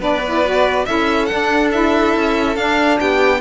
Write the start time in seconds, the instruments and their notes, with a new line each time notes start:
0.00 cello B3, saxophone D4, violin B4 D5
0.26 saxophone E4
0.45 saxophone F#4
0.86 cello C#4, saxophone E4, violin A4 E5
1.26 saxophone D4, violin F#5
1.32 cello D4
1.72 saxophone E4, violin E5
2.16 cello C#4
2.56 saxophone D4, cello D4, violin F5
3.00 cello B3, violin G4 G5